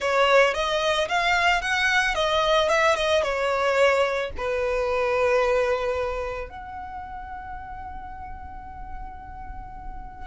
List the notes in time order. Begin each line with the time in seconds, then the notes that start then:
0.00 C#5
0.54 D#5
1.08 F5
1.61 F#5
2.14 D#5
2.68 E5
2.95 D#5
3.22 C#5
4.37 B4
6.49 F#5